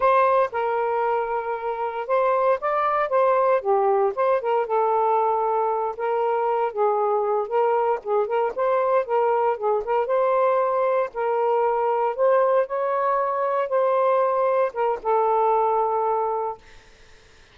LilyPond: \new Staff \with { instrumentName = "saxophone" } { \time 4/4 \tempo 4 = 116 c''4 ais'2. | c''4 d''4 c''4 g'4 | c''8 ais'8 a'2~ a'8 ais'8~ | ais'4 gis'4. ais'4 gis'8 |
ais'8 c''4 ais'4 gis'8 ais'8 c''8~ | c''4. ais'2 c''8~ | c''8 cis''2 c''4.~ | c''8 ais'8 a'2. | }